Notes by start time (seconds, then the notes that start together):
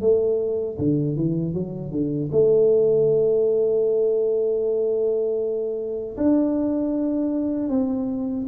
0.00 A3
0.78 D3
1.16 E3
1.53 F#3
1.91 D3
2.31 A3
6.16 D4
7.69 C4